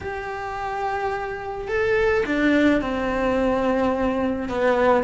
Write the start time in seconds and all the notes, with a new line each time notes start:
0.00 G4
1.67 A4
2.26 D4
2.81 C4
4.49 B3